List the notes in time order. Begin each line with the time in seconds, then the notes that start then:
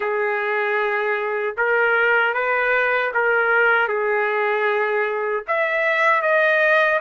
0.00 G#4
1.57 A#4
2.34 B4
3.14 A#4
3.87 G#4
5.47 E5
6.22 D#5